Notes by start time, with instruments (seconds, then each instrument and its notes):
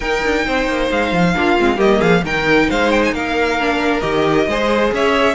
0.00 cello D#4, viola D#4, violin A#4 G5
0.23 cello D4
0.45 cello C4, violin C5
0.67 cello A#3
0.90 cello G#3, violin F5
1.11 cello F3
1.35 cello A#3, viola D4, violin F4
1.59 cello G#3, viola C4
1.76 cello G3, viola A#3, violin G4 D#5
1.98 cello F3, violin G#4 F5
2.22 cello D#3, viola D#4, violin A#4 G5
2.69 cello G#3, violin C5 F5
2.91 violin G5
3.04 violin G#5
3.12 cello A#3, violin A#4 F5
3.60 viola D4
4.00 cello D#3, viola G4, violin D#5
4.47 cello G#3, viola G#4, violin C5
4.92 cello C#4, violin C#5 E5